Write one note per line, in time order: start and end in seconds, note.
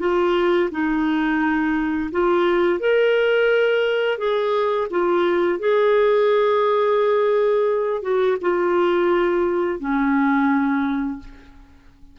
0.00 0.70 F4
0.71 2.11 D#4
2.12 2.80 F4
2.80 4.18 A#4
4.18 4.88 G#4
4.91 5.59 F4
5.59 8.02 G#4
8.02 8.37 F#4
8.41 9.80 F4
9.80 11.19 C#4